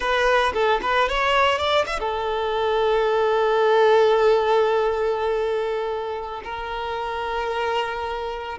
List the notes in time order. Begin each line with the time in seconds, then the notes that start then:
0.00 B4
0.53 A4
0.82 B4
1.09 C#5
1.58 D5
1.86 E5
1.99 A4
6.44 A#4